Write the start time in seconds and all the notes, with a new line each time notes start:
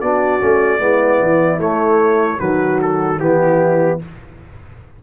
0.00 B3 D4 F#4 D5
0.40 A3 C#4
0.79 G#3 B3 E4
1.21 E3
1.59 A3 C#5
2.39 D#3 F#3 F#4 B4
2.82 A4
3.19 E3 B3 E4 G4